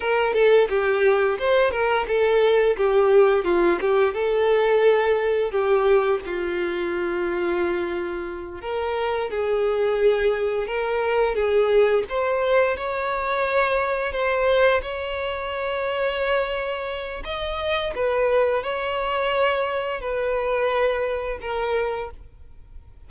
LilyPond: \new Staff \with { instrumentName = "violin" } { \time 4/4 \tempo 4 = 87 ais'8 a'8 g'4 c''8 ais'8 a'4 | g'4 f'8 g'8 a'2 | g'4 f'2.~ | f'8 ais'4 gis'2 ais'8~ |
ais'8 gis'4 c''4 cis''4.~ | cis''8 c''4 cis''2~ cis''8~ | cis''4 dis''4 b'4 cis''4~ | cis''4 b'2 ais'4 | }